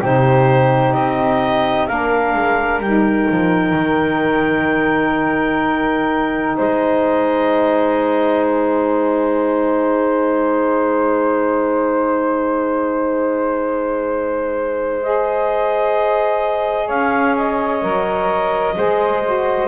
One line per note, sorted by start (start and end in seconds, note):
0.00 0.94 C3
0.00 1.88 D#4
0.00 1.87 G4
0.00 0.93 C5
0.93 1.88 C4
0.93 1.87 D#5
1.87 2.34 A#3
1.87 2.82 D4
1.87 6.56 A#4
1.87 2.80 F5
2.34 2.79 G#3
2.79 3.26 G3
2.79 15.02 D#4
2.79 6.56 G5
3.30 3.73 F3
3.73 6.54 D#3
6.56 16.89 G#3
6.56 16.86 C5
6.56 8.45 D#5
8.45 15.01 G#5
15.02 17.81 G#4
15.02 16.88 D#5
16.86 17.82 C#4
16.86 18.74 C#5
16.86 17.35 F5
17.37 19.68 D#5
17.81 18.76 F#3
17.81 18.75 A#4
18.76 19.68 G#3
18.76 19.23 G#4
18.76 19.68 C5
19.25 19.68 F#4